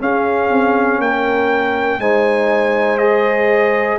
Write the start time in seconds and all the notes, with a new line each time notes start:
0.00 C#4 G#4 F5
0.50 C4
0.99 A#3 A#4 G5
1.99 G#3 D#4 C5 G#5
2.98 G#4 D#5